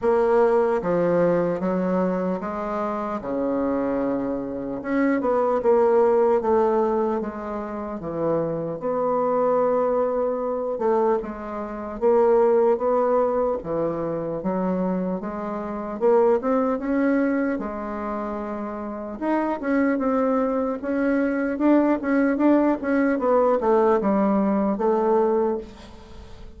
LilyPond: \new Staff \with { instrumentName = "bassoon" } { \time 4/4 \tempo 4 = 75 ais4 f4 fis4 gis4 | cis2 cis'8 b8 ais4 | a4 gis4 e4 b4~ | b4. a8 gis4 ais4 |
b4 e4 fis4 gis4 | ais8 c'8 cis'4 gis2 | dis'8 cis'8 c'4 cis'4 d'8 cis'8 | d'8 cis'8 b8 a8 g4 a4 | }